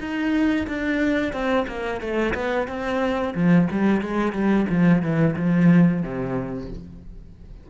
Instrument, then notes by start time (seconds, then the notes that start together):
cello
0.00 D#4
0.67 D4
1.32 C4
1.67 A#3
2.01 A3
2.34 B3
2.67 C4
3.35 F3
3.71 G3
4.01 G#3
4.32 G3
4.69 F3
5.02 E3
5.36 F3
6.03 C3